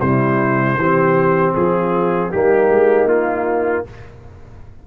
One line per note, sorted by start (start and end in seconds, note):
0.00 0.75 C3
0.00 0.79 G3
0.00 0.77 E4
0.00 1.54 C5
0.75 1.52 E3
0.75 2.33 C4
0.75 1.54 G4
1.54 2.33 F3
1.54 2.30 F4
1.54 2.31 G#4
2.30 2.69 G3
2.30 3.87 A#3
2.30 3.84 D#4
2.30 3.08 G4
2.69 3.04 G#3
3.04 3.81 A#3
3.04 3.85 F4